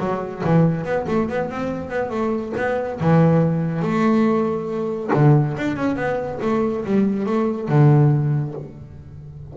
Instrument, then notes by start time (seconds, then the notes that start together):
double bass
0.00 F#3
0.44 E3
0.85 B3
1.08 A3
1.29 B3
1.50 C4
1.90 B3
2.10 A3
2.57 B3
3.01 E3
3.82 A3
5.14 D3
5.58 D4
5.77 C#4
5.96 B3
6.42 A3
6.85 G3
7.26 A3
7.69 D3